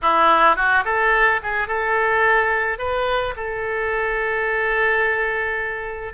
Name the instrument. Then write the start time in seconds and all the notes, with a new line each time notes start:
oboe
0.02 E4
0.56 F#4
0.84 A4
1.42 G#4
1.67 A4
2.78 B4
3.36 A4